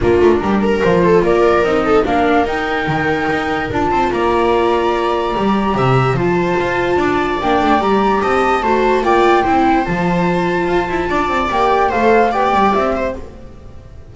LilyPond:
<<
  \new Staff \with { instrumentName = "flute" } { \time 4/4 \tempo 4 = 146 ais'2 c''4 d''4 | dis''4 f''4 g''2~ | g''4 a''4 ais''2~ | ais''2. a''4~ |
a''2 g''4 ais''4 | a''2 g''2 | a''1 | g''4 f''4 g''4 e''4 | }
  \new Staff \with { instrumentName = "viola" } { \time 4/4 f'4 g'8 ais'4 a'8 ais'4~ | ais'8 a'8 ais'2.~ | ais'4. c''8 d''2~ | d''2 e''4 c''4~ |
c''4 d''2. | dis''4 c''4 d''4 c''4~ | c''2. d''4~ | d''4 c''4 d''4. c''8 | }
  \new Staff \with { instrumentName = "viola" } { \time 4/4 d'2 f'2 | dis'4 d'4 dis'2~ | dis'4 f'2.~ | f'4 g'2 f'4~ |
f'2 d'4 g'4~ | g'4 fis'4 f'4 e'4 | f'1 | g'4 a'4 g'2 | }
  \new Staff \with { instrumentName = "double bass" } { \time 4/4 ais8 a8 g4 f4 ais4 | c'4 ais4 dis'4 dis4 | dis'4 d'8 c'8 ais2~ | ais4 g4 c4 f4 |
f'4 d'4 ais8 a8 g4 | c'4 a4 ais4 c'4 | f2 f'8 e'8 d'8 c'8 | ais4 a4 b8 g8 c'4 | }
>>